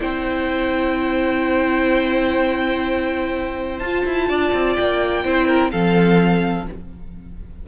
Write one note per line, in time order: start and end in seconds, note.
0.00 3.79 C4
0.00 3.81 E4
0.00 4.28 C5
0.00 3.79 G5
3.79 4.03 F4
3.79 5.24 F4
3.79 4.74 A5
4.05 4.28 E4
4.28 4.52 D4
4.28 5.24 D5
4.53 4.76 C4
4.75 5.24 A#3
4.75 5.70 G5
5.24 5.72 C4
5.24 5.71 E4
5.24 5.47 C5
5.47 5.71 A#4
5.71 6.68 F3
5.71 6.66 C4
5.71 6.66 A4
5.71 6.66 F5